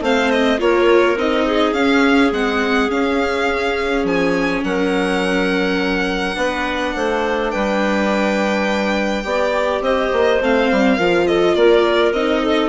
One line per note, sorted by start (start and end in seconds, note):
0.00 0.58 A3
0.00 0.57 C4
0.00 0.59 C5
0.00 0.31 F5
0.31 0.59 D#5
0.57 1.16 A#3
0.57 1.15 F4
0.57 1.46 A#4
0.57 1.17 C#5
1.16 1.72 C4
1.16 1.74 D#4
1.16 1.73 D#5
1.46 4.63 G#4
1.72 2.30 C#4
1.72 2.32 C#4
1.72 2.30 F5
2.31 2.89 G#3
2.31 2.89 C4
2.31 2.90 F#5
2.89 6.34 C#4
2.89 4.04 C#4
2.89 4.06 F5
4.04 4.61 F3
4.04 4.63 G#5
4.63 6.36 F#3
4.63 6.37 A#4
4.63 7.50 F#5
6.34 6.93 B3
6.34 9.23 D4
6.34 6.94 B4
6.95 7.53 A3
6.95 7.51 C5
7.50 9.24 G3
7.50 9.24 B4
7.50 9.81 G5
9.23 9.81 B3
9.23 10.39 G4
9.23 9.82 D5
9.81 10.09 C4
9.81 10.96 C5
9.81 10.41 D#5
10.12 10.40 A#3
10.40 10.69 A3
10.40 10.98 C4
10.40 11.27 F5
10.71 10.98 G3
10.96 11.56 F3
10.96 12.14 F4
10.96 11.25 A#4
11.26 11.55 A4
11.26 11.54 D#5
11.54 12.12 A#3
11.54 12.42 A#4
11.54 12.12 D5
12.12 12.69 C4
12.12 12.69 D#4
12.12 12.69 D#5
12.42 12.69 A4